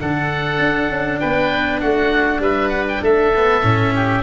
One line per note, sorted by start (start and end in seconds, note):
0.00 0.59 D3
0.00 3.33 D4
0.00 1.21 A4
0.00 1.20 F#5
0.59 0.89 D4
0.89 1.20 C#4
1.20 1.83 B3
1.20 1.82 B4
1.20 1.81 G5
1.81 2.40 A3
1.81 2.42 F#4
1.81 2.41 F#5
2.40 3.00 G3
2.40 3.03 B4
2.40 2.69 E5
2.69 2.84 F#5
2.89 3.04 G5
3.02 3.62 A3
3.02 3.94 A4
3.02 4.23 E5
3.36 3.63 B3
3.63 4.23 A2
3.63 4.23 C#4
3.96 4.23 G4